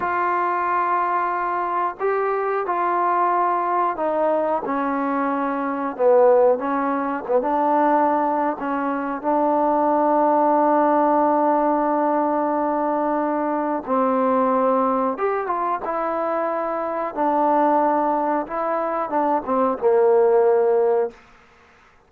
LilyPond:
\new Staff \with { instrumentName = "trombone" } { \time 4/4 \tempo 4 = 91 f'2. g'4 | f'2 dis'4 cis'4~ | cis'4 b4 cis'4 b16 d'8.~ | d'4 cis'4 d'2~ |
d'1~ | d'4 c'2 g'8 f'8 | e'2 d'2 | e'4 d'8 c'8 ais2 | }